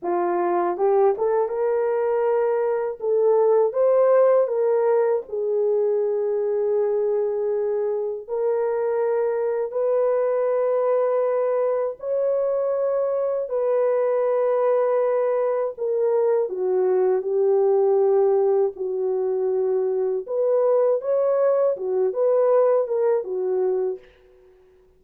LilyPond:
\new Staff \with { instrumentName = "horn" } { \time 4/4 \tempo 4 = 80 f'4 g'8 a'8 ais'2 | a'4 c''4 ais'4 gis'4~ | gis'2. ais'4~ | ais'4 b'2. |
cis''2 b'2~ | b'4 ais'4 fis'4 g'4~ | g'4 fis'2 b'4 | cis''4 fis'8 b'4 ais'8 fis'4 | }